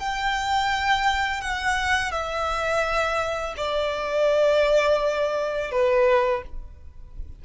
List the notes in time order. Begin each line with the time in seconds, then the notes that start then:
0.00 G5
1.42 F#5
2.12 E5
3.57 D5
5.71 B4